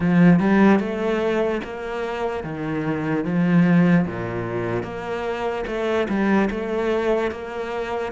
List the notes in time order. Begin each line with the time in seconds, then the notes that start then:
0.00 F3
0.39 G3
0.79 A3
1.64 A#3
2.43 D#3
3.24 F3
4.07 A#2
4.83 A#3
5.66 A3
6.08 G3
6.50 A3
7.31 A#3